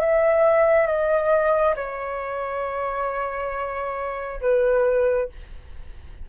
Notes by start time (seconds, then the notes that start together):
0.00 E5
0.87 D#5
1.76 C#5
4.41 B4